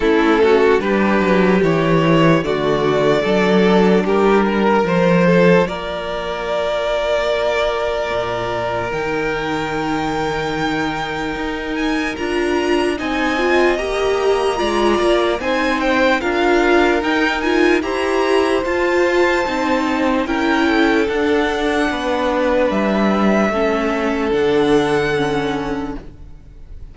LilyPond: <<
  \new Staff \with { instrumentName = "violin" } { \time 4/4 \tempo 4 = 74 a'4 b'4 cis''4 d''4~ | d''4 ais'4 c''4 d''4~ | d''2. g''4~ | g''2~ g''8 gis''8 ais''4 |
gis''4 ais''2 gis''8 g''8 | f''4 g''8 gis''8 ais''4 a''4~ | a''4 g''4 fis''2 | e''2 fis''2 | }
  \new Staff \with { instrumentName = "violin" } { \time 4/4 e'8 fis'8 g'2 fis'4 | a'4 g'8 ais'4 a'8 ais'4~ | ais'1~ | ais'1 |
dis''2 d''4 c''4 | ais'2 c''2~ | c''4 ais'8 a'4. b'4~ | b'4 a'2. | }
  \new Staff \with { instrumentName = "viola" } { \time 4/4 cis'4 d'4 e'4 a4 | d'2 f'2~ | f'2. dis'4~ | dis'2. f'4 |
dis'8 f'8 g'4 f'4 dis'4 | f'4 dis'8 f'8 g'4 f'4 | dis'4 e'4 d'2~ | d'4 cis'4 d'4 cis'4 | }
  \new Staff \with { instrumentName = "cello" } { \time 4/4 a4 g8 fis8 e4 d4 | fis4 g4 f4 ais4~ | ais2 ais,4 dis4~ | dis2 dis'4 d'4 |
c'4 ais4 gis8 ais8 c'4 | d'4 dis'4 e'4 f'4 | c'4 cis'4 d'4 b4 | g4 a4 d2 | }
>>